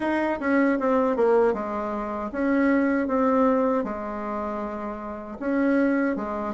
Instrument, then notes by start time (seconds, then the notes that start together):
bassoon
0.00 D#4
0.40 C#4
0.79 C4
1.16 A#3
1.53 G#3
2.31 C#4
3.07 C4
3.84 G#3
5.39 C#4
6.16 G#3